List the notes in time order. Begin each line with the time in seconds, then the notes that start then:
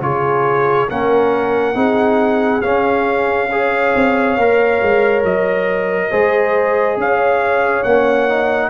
0.00 C#3 F4 G#4 C#5
0.88 A#3 C#4 A#4 F#5
1.74 C4 D#4 G#4
2.61 C#4 F5
3.50 G#4 C#5
3.95 C4
4.37 A#3 A#4
4.82 G#3
5.23 F#3 D#5
6.10 G#3 G#4 C5
6.97 C#4 C#5 F5
7.83 A#3 C#4 F#5
8.28 D#4